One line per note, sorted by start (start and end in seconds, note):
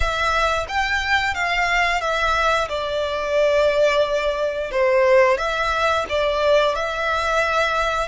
0.00 0.66 E5
0.68 1.34 G5
1.34 2.00 F5
2.00 2.68 E5
2.68 4.71 D5
4.71 5.37 C5
5.37 6.05 E5
6.09 6.75 D5
6.75 8.07 E5